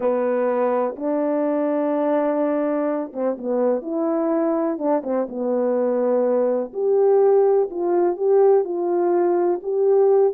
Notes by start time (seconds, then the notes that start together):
0.00 B3
0.96 D4
3.13 C4
3.38 B3
3.82 E4
4.78 D4
5.03 C4
5.28 B3
6.73 G4
7.70 F4
8.16 G4
8.64 F4
9.62 G4